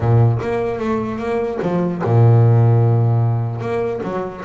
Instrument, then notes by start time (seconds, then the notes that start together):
double bass
0.00 A#2
0.41 A#3
0.79 A3
1.18 A#3
1.62 F3
2.04 A#2
3.60 A#3
4.03 F#3